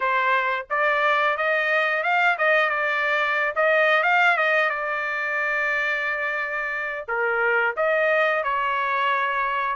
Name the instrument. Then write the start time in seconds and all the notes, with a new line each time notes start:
trumpet
0.00 C5
0.70 D5
1.37 D#5
2.03 F5
2.38 D#5
2.69 D5
3.55 D#5
4.03 F5
4.37 D#5
4.69 D5
7.08 A#4
7.76 D#5
8.43 C#5